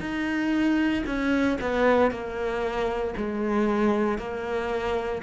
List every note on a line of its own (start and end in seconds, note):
0.00 1.03 D#4
1.06 1.58 C#4
1.61 2.11 B3
2.11 3.14 A#3
3.16 4.18 G#3
4.18 5.21 A#3